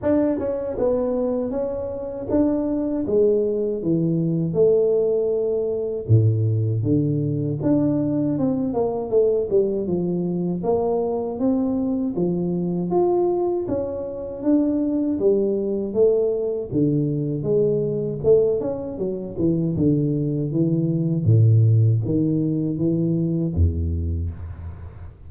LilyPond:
\new Staff \with { instrumentName = "tuba" } { \time 4/4 \tempo 4 = 79 d'8 cis'8 b4 cis'4 d'4 | gis4 e4 a2 | a,4 d4 d'4 c'8 ais8 | a8 g8 f4 ais4 c'4 |
f4 f'4 cis'4 d'4 | g4 a4 d4 gis4 | a8 cis'8 fis8 e8 d4 e4 | a,4 dis4 e4 e,4 | }